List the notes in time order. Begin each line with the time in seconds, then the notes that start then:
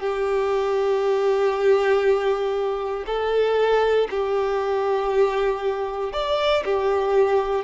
0.00 G4
3.07 A4
4.11 G4
6.13 D5
6.65 G4